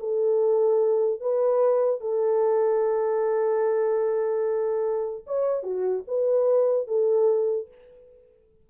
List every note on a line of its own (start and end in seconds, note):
0.00 1.21 A4
1.21 2.01 B4
2.01 5.25 A4
5.27 5.64 C#5
5.64 6.04 F#4
6.08 6.88 B4
6.88 7.69 A4